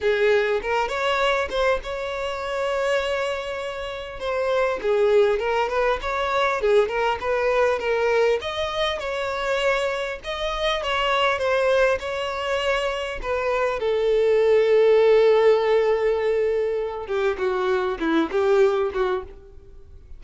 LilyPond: \new Staff \with { instrumentName = "violin" } { \time 4/4 \tempo 4 = 100 gis'4 ais'8 cis''4 c''8 cis''4~ | cis''2. c''4 | gis'4 ais'8 b'8 cis''4 gis'8 ais'8 | b'4 ais'4 dis''4 cis''4~ |
cis''4 dis''4 cis''4 c''4 | cis''2 b'4 a'4~ | a'1~ | a'8 g'8 fis'4 e'8 g'4 fis'8 | }